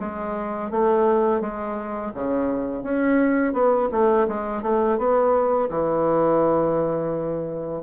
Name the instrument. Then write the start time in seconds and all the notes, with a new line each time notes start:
bassoon
0.00 G#3
0.71 A3
1.41 G#3
2.15 C#3
2.84 C#4
3.53 B3
3.92 A3
4.28 G#3
4.63 A3
4.98 B3
5.70 E3